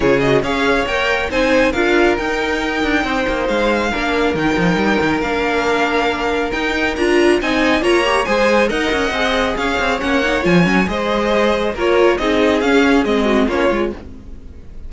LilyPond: <<
  \new Staff \with { instrumentName = "violin" } { \time 4/4 \tempo 4 = 138 cis''8 dis''8 f''4 g''4 gis''4 | f''4 g''2. | f''2 g''2 | f''2. g''4 |
ais''4 gis''4 ais''4 gis''4 | fis''2 f''4 fis''4 | gis''4 dis''2 cis''4 | dis''4 f''4 dis''4 cis''4 | }
  \new Staff \with { instrumentName = "violin" } { \time 4/4 gis'4 cis''2 c''4 | ais'2. c''4~ | c''4 ais'2.~ | ais'1~ |
ais'4 dis''4 cis''4 c''4 | dis''2 cis''2~ | cis''4 c''2 ais'4 | gis'2~ gis'8 fis'8 f'4 | }
  \new Staff \with { instrumentName = "viola" } { \time 4/4 f'8 fis'8 gis'4 ais'4 dis'4 | f'4 dis'2.~ | dis'4 d'4 dis'2 | d'2. dis'4 |
f'4 dis'4 f'8 g'8 gis'4 | ais'4 gis'2 cis'8 dis'8 | f'8 cis'8 gis'2 f'4 | dis'4 cis'4 c'4 cis'8 f'8 | }
  \new Staff \with { instrumentName = "cello" } { \time 4/4 cis4 cis'4 ais4 c'4 | d'4 dis'4. d'8 c'8 ais8 | gis4 ais4 dis8 f8 g8 dis8 | ais2. dis'4 |
d'4 c'4 ais4 gis4 | dis'8 cis'8 c'4 cis'8 c'8 ais4 | f8 fis8 gis2 ais4 | c'4 cis'4 gis4 ais8 gis8 | }
>>